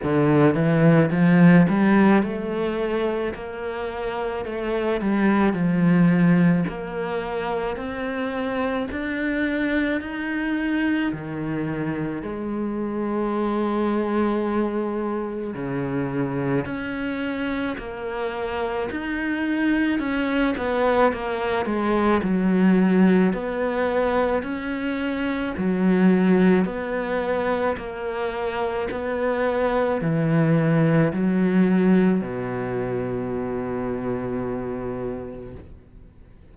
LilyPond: \new Staff \with { instrumentName = "cello" } { \time 4/4 \tempo 4 = 54 d8 e8 f8 g8 a4 ais4 | a8 g8 f4 ais4 c'4 | d'4 dis'4 dis4 gis4~ | gis2 cis4 cis'4 |
ais4 dis'4 cis'8 b8 ais8 gis8 | fis4 b4 cis'4 fis4 | b4 ais4 b4 e4 | fis4 b,2. | }